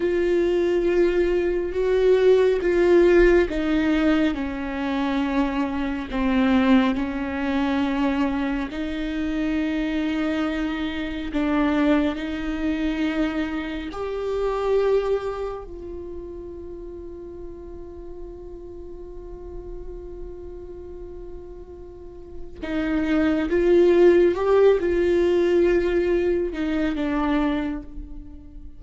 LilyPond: \new Staff \with { instrumentName = "viola" } { \time 4/4 \tempo 4 = 69 f'2 fis'4 f'4 | dis'4 cis'2 c'4 | cis'2 dis'2~ | dis'4 d'4 dis'2 |
g'2 f'2~ | f'1~ | f'2 dis'4 f'4 | g'8 f'2 dis'8 d'4 | }